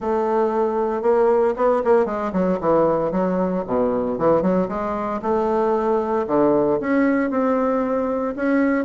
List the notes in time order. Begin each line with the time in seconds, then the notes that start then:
0.00 A3
1.02 A#3
1.56 B3
1.84 A#3
2.05 G#3
2.32 F#3
2.60 E3
3.11 F#3
3.66 B2
4.18 E3
4.42 F#3
4.68 G#3
5.22 A3
6.27 D3
6.80 C#4
7.30 C4
8.35 C#4